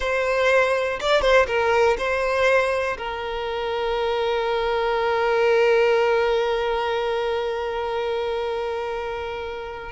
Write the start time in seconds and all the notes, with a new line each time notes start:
0.00 C5
1.00 D5
1.21 C5
1.47 A#4
1.98 C5
2.97 A#4